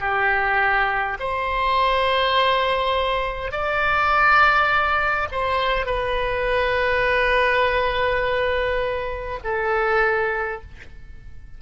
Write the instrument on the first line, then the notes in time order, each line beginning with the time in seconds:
oboe
0.00 G4
1.19 C5
3.51 D5
5.31 C5
5.86 B4
9.44 A4